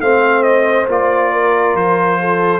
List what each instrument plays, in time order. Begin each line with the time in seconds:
0.00 tuba A3, trombone C4, horn C5, trumpet F5
0.42 trumpet D#5
0.88 tuba A#3, trombone F4, trumpet D5
1.32 horn A#4
1.74 tuba F3, trumpet C5
2.20 horn A4